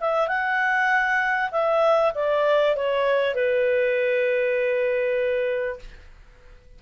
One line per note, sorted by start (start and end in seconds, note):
0.00 0.28 E5
0.28 1.50 F#5
1.51 2.12 E5
2.14 2.75 D5
2.75 3.34 C#5
3.34 5.79 B4